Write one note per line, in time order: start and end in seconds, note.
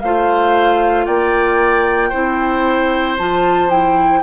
0.00 1.07 A3
0.00 2.13 F4
0.00 1.05 C5
0.00 1.05 F5
1.05 2.12 A#3
1.05 2.09 D5
1.05 3.16 G5
2.09 3.19 C4
2.09 3.18 E4
2.09 4.20 C5
3.18 4.22 F3
3.18 3.69 F4
3.18 3.70 A5
3.69 4.22 E4
3.69 4.22 G5